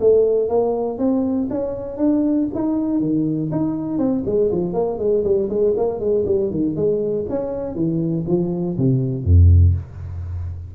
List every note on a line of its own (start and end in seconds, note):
0.00 0.48 A3
0.48 0.98 A#3
0.98 1.48 C4
1.50 1.97 C#4
1.97 2.47 D4
2.55 3.00 D#4
3.00 3.50 D#3
3.51 3.98 D#4
3.98 4.23 C4
4.25 4.50 G#3
4.51 4.73 F3
4.73 4.98 A#3
4.99 5.24 G#3
5.24 5.49 G3
5.49 5.74 G#3
5.76 6.00 A#3
6.00 6.25 G#3
6.25 6.50 G3
6.50 6.75 D#3
6.76 7.26 G#3
7.29 7.75 C#4
7.75 8.25 E3
8.27 8.77 F3
8.77 9.24 C3
9.24 9.74 F2